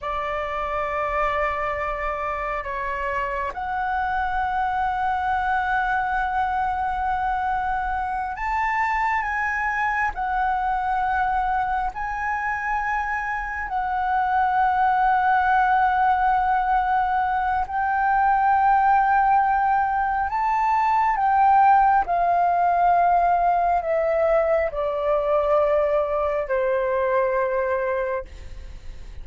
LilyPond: \new Staff \with { instrumentName = "flute" } { \time 4/4 \tempo 4 = 68 d''2. cis''4 | fis''1~ | fis''4. a''4 gis''4 fis''8~ | fis''4. gis''2 fis''8~ |
fis''1 | g''2. a''4 | g''4 f''2 e''4 | d''2 c''2 | }